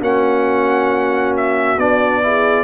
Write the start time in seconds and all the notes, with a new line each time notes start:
0.00 A#3 C#4 F#4 F#5
1.36 E5
1.77 B3 D4 D5
2.22 E4 G#4